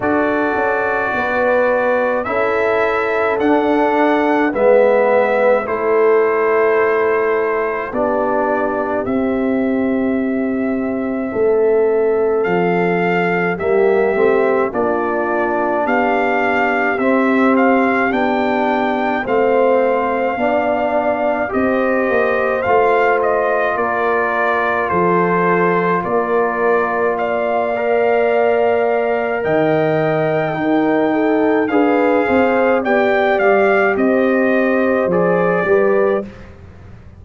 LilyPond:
<<
  \new Staff \with { instrumentName = "trumpet" } { \time 4/4 \tempo 4 = 53 d''2 e''4 fis''4 | e''4 c''2 d''4 | e''2. f''4 | e''4 d''4 f''4 e''8 f''8 |
g''4 f''2 dis''4 | f''8 dis''8 d''4 c''4 d''4 | f''2 g''2 | f''4 g''8 f''8 dis''4 d''4 | }
  \new Staff \with { instrumentName = "horn" } { \time 4/4 a'4 b'4 a'2 | b'4 a'2 g'4~ | g'2 a'2 | g'4 f'4 g'2~ |
g'4 c''4 d''4 c''4~ | c''4 ais'4 a'4 ais'4 | d''2 dis''4 ais'8 a'8 | b'8 c''8 d''4 c''4. b'8 | }
  \new Staff \with { instrumentName = "trombone" } { \time 4/4 fis'2 e'4 d'4 | b4 e'2 d'4 | c'1 | ais8 c'8 d'2 c'4 |
d'4 c'4 d'4 g'4 | f'1~ | f'8 ais'2~ ais'8 dis'4 | gis'4 g'2 gis'8 g'8 | }
  \new Staff \with { instrumentName = "tuba" } { \time 4/4 d'8 cis'8 b4 cis'4 d'4 | gis4 a2 b4 | c'2 a4 f4 | g8 a8 ais4 b4 c'4 |
b4 a4 b4 c'8 ais8 | a4 ais4 f4 ais4~ | ais2 dis4 dis'4 | d'8 c'8 b8 g8 c'4 f8 g8 | }
>>